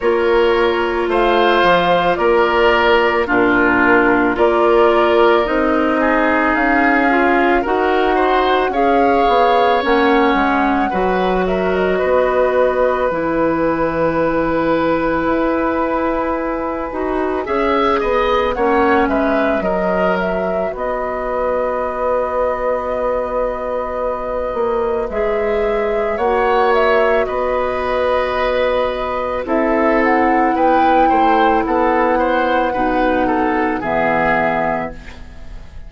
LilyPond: <<
  \new Staff \with { instrumentName = "flute" } { \time 4/4 \tempo 4 = 55 cis''4 f''4 d''4 ais'4 | d''4 dis''4 f''4 fis''4 | f''4 fis''4. e''16 dis''4~ dis''16 | gis''1~ |
gis''4 fis''8 e''8 dis''8 e''8 dis''4~ | dis''2. e''4 | fis''8 e''8 dis''2 e''8 fis''8 | g''4 fis''2 e''4 | }
  \new Staff \with { instrumentName = "oboe" } { \time 4/4 ais'4 c''4 ais'4 f'4 | ais'4. gis'4. ais'8 c''8 | cis''2 b'8 ais'8 b'4~ | b'1 |
e''8 dis''8 cis''8 b'8 ais'4 b'4~ | b'1 | cis''4 b'2 a'4 | b'8 c''8 a'8 c''8 b'8 a'8 gis'4 | }
  \new Staff \with { instrumentName = "clarinet" } { \time 4/4 f'2. d'4 | f'4 dis'4. f'8 fis'4 | gis'4 cis'4 fis'2 | e'2.~ e'8 fis'8 |
gis'4 cis'4 fis'2~ | fis'2. gis'4 | fis'2. e'4~ | e'2 dis'4 b4 | }
  \new Staff \with { instrumentName = "bassoon" } { \time 4/4 ais4 a8 f8 ais4 ais,4 | ais4 c'4 cis'4 dis'4 | cis'8 b8 ais8 gis8 fis4 b4 | e2 e'4. dis'8 |
cis'8 b8 ais8 gis8 fis4 b4~ | b2~ b8 ais8 gis4 | ais4 b2 c'4 | b8 a8 b4 b,4 e4 | }
>>